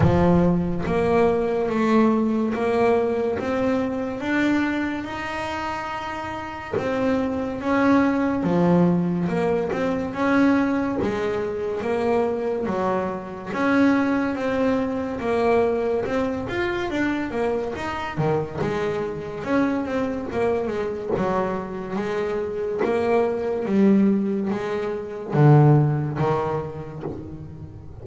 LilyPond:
\new Staff \with { instrumentName = "double bass" } { \time 4/4 \tempo 4 = 71 f4 ais4 a4 ais4 | c'4 d'4 dis'2 | c'4 cis'4 f4 ais8 c'8 | cis'4 gis4 ais4 fis4 |
cis'4 c'4 ais4 c'8 f'8 | d'8 ais8 dis'8 dis8 gis4 cis'8 c'8 | ais8 gis8 fis4 gis4 ais4 | g4 gis4 d4 dis4 | }